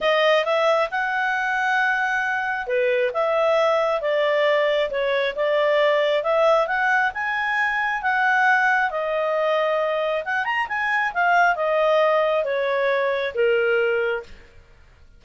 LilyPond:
\new Staff \with { instrumentName = "clarinet" } { \time 4/4 \tempo 4 = 135 dis''4 e''4 fis''2~ | fis''2 b'4 e''4~ | e''4 d''2 cis''4 | d''2 e''4 fis''4 |
gis''2 fis''2 | dis''2. fis''8 ais''8 | gis''4 f''4 dis''2 | cis''2 ais'2 | }